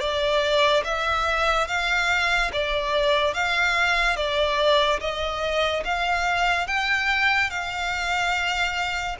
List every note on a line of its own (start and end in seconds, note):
0.00 0.83 D5
0.84 1.67 E5
1.67 2.51 F5
2.53 3.34 D5
3.34 4.16 F5
4.16 5.00 D5
5.00 5.83 D#5
5.84 6.67 F5
6.67 7.50 G5
7.50 9.17 F5